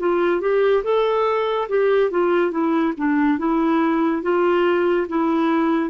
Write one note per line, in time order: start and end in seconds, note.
0.00 0.41 F4
0.41 0.84 G4
0.84 1.69 A4
1.69 2.11 G4
2.11 2.52 F4
2.52 2.94 E4
2.98 3.39 D4
3.39 4.23 E4
4.23 5.07 F4
5.09 5.90 E4